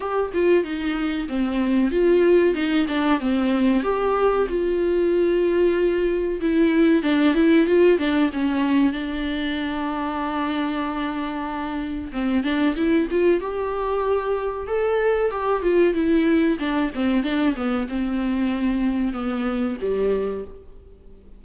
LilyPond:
\new Staff \with { instrumentName = "viola" } { \time 4/4 \tempo 4 = 94 g'8 f'8 dis'4 c'4 f'4 | dis'8 d'8 c'4 g'4 f'4~ | f'2 e'4 d'8 e'8 | f'8 d'8 cis'4 d'2~ |
d'2. c'8 d'8 | e'8 f'8 g'2 a'4 | g'8 f'8 e'4 d'8 c'8 d'8 b8 | c'2 b4 g4 | }